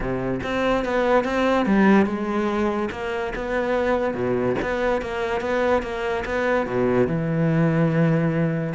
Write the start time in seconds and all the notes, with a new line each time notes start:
0.00 C3
0.43 C4
0.84 B3
1.24 C4
1.66 G3
2.05 G#3
2.91 A#3
3.35 B3
4.14 B2
4.62 B3
5.01 A#3
5.40 B3
5.82 A#3
6.25 B3
6.66 B2
7.07 E3